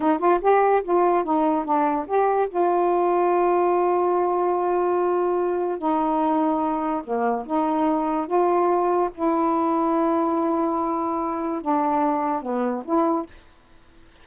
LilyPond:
\new Staff \with { instrumentName = "saxophone" } { \time 4/4 \tempo 4 = 145 dis'8 f'8 g'4 f'4 dis'4 | d'4 g'4 f'2~ | f'1~ | f'2 dis'2~ |
dis'4 ais4 dis'2 | f'2 e'2~ | e'1 | d'2 b4 e'4 | }